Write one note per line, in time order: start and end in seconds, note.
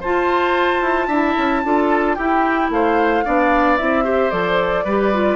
0.00 0.81 F4
0.00 1.11 F4
0.00 1.07 C5
0.00 2.14 A5
0.81 1.07 E4
1.07 1.34 D4
1.07 1.63 E4
1.07 1.61 E5
1.37 1.64 C#4
1.63 2.18 D4
1.63 2.17 F4
1.63 2.16 A4
2.14 2.69 E4
2.14 3.24 E4
2.14 2.69 G4
2.14 2.68 G5
2.69 3.23 A3
2.69 3.24 C5
2.69 3.77 F5
3.24 3.80 B3
3.24 3.78 D4
3.24 4.04 D5
3.77 4.32 C4
3.77 4.04 E4
3.77 4.30 E5
4.04 4.30 G4
4.04 4.84 C5
4.30 4.84 F3
4.30 4.84 A4
4.30 5.35 D5
4.84 5.35 G3
4.84 5.13 G4
4.84 5.35 B4
5.13 5.35 F4